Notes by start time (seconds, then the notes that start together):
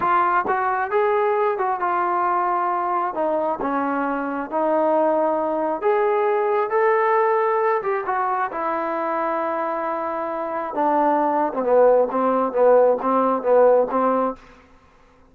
0.00 F4
0.47 F#4
0.91 G#4
1.58 F#4
1.80 F4
3.14 D#4
3.61 C#4
4.50 D#4
5.81 G#4
6.70 A4
7.82 G4
8.06 F#4
8.51 E4
10.74 D4
11.53 C4
11.63 B3
12.11 C4
12.52 B3
13.02 C4
13.42 B3
13.90 C4